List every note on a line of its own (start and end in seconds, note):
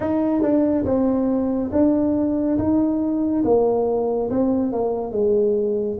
0.00 0.42 D#4
0.42 0.85 D4
0.85 1.71 C4
1.72 2.58 D4
2.58 3.44 D#4
3.44 4.30 A#3
4.30 4.72 C4
4.72 5.12 A#3
5.12 5.98 G#3